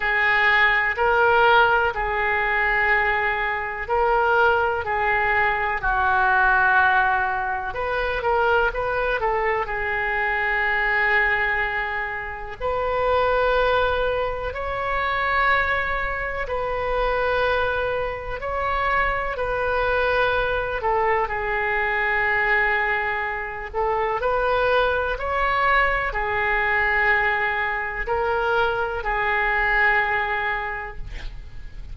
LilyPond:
\new Staff \with { instrumentName = "oboe" } { \time 4/4 \tempo 4 = 62 gis'4 ais'4 gis'2 | ais'4 gis'4 fis'2 | b'8 ais'8 b'8 a'8 gis'2~ | gis'4 b'2 cis''4~ |
cis''4 b'2 cis''4 | b'4. a'8 gis'2~ | gis'8 a'8 b'4 cis''4 gis'4~ | gis'4 ais'4 gis'2 | }